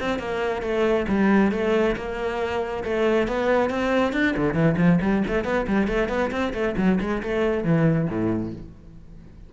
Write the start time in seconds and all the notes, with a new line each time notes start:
0.00 C4
0.19 A#3
0.62 A3
1.08 G3
1.52 A3
1.96 A#3
2.84 A3
3.27 B3
3.70 C4
4.13 D4
4.37 D3
4.54 E3
4.77 F3
5.01 G3
5.28 A3
5.44 B3
5.67 G3
5.88 A3
6.09 B3
6.31 C4
6.53 A3
6.77 F#3
7.01 G#3
7.23 A3
7.64 E3
8.09 A2